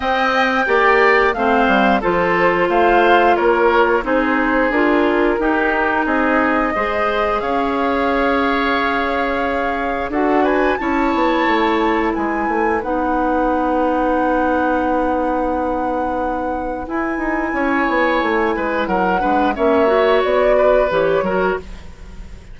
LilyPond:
<<
  \new Staff \with { instrumentName = "flute" } { \time 4/4 \tempo 4 = 89 g''2 f''4 c''4 | f''4 cis''4 c''4 ais'4~ | ais'4 dis''2 f''4~ | f''2. fis''8 gis''8 |
a''2 gis''4 fis''4~ | fis''1~ | fis''4 gis''2. | fis''4 e''4 d''4 cis''4 | }
  \new Staff \with { instrumentName = "oboe" } { \time 4/4 dis''4 d''4 c''4 a'4 | c''4 ais'4 gis'2 | g'4 gis'4 c''4 cis''4~ | cis''2. a'8 b'8 |
cis''2 b'2~ | b'1~ | b'2 cis''4. b'8 | ais'8 b'8 cis''4. b'4 ais'8 | }
  \new Staff \with { instrumentName = "clarinet" } { \time 4/4 c'4 g'4 c'4 f'4~ | f'2 dis'4 f'4 | dis'2 gis'2~ | gis'2. fis'4 |
e'2. dis'4~ | dis'1~ | dis'4 e'2.~ | e'8 d'8 cis'8 fis'4. g'8 fis'8 | }
  \new Staff \with { instrumentName = "bassoon" } { \time 4/4 c'4 ais4 a8 g8 f4 | a4 ais4 c'4 d'4 | dis'4 c'4 gis4 cis'4~ | cis'2. d'4 |
cis'8 b8 a4 gis8 a8 b4~ | b1~ | b4 e'8 dis'8 cis'8 b8 a8 gis8 | fis8 gis8 ais4 b4 e8 fis8 | }
>>